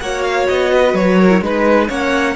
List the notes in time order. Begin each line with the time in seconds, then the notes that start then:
0.00 A#3 F#4 C#5 F#5
0.22 F5
0.48 B3 D#5
0.73 B4
0.93 F#3 C#5
1.18 A#4
1.30 E4
1.41 G#3 D#4 B4
1.88 A#3 C#4 C#5 F#5